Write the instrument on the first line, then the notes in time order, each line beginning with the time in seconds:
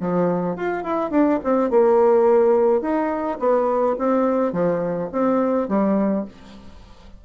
bassoon
0.00 F3
0.56 F4
0.83 E4
1.10 D4
1.44 C4
1.70 A#3
2.81 D#4
3.39 B3
3.99 C4
4.53 F3
5.12 C4
5.68 G3